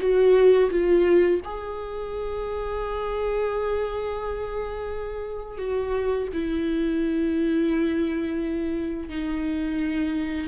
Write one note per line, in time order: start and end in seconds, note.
0.00 0.70 F#4
0.70 1.40 F4
1.44 5.58 G#4
5.58 6.28 F#4
6.33 9.09 E4
9.09 10.48 D#4